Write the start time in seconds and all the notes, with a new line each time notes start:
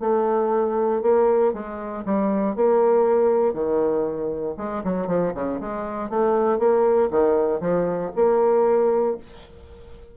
0.00 A3
1.02 A#3
1.53 G#3
2.05 G3
2.55 A#3
3.53 D#3
4.57 G#3
4.84 F#3
5.07 F3
5.34 C#3
5.60 G#3
6.09 A3
6.58 A#3
7.10 D#3
7.60 F3
8.15 A#3